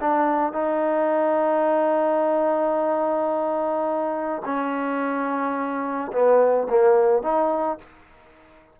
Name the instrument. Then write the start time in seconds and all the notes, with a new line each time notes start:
trombone
0.00 D4
0.53 D#4
4.45 C#4
6.12 B3
6.69 A#3
7.22 D#4